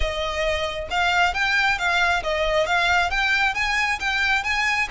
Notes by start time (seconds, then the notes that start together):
0.00 D#5
0.90 F5
1.34 G5
1.78 F5
2.23 D#5
2.66 F5
3.10 G5
3.54 G#5
3.99 G5
4.43 G#5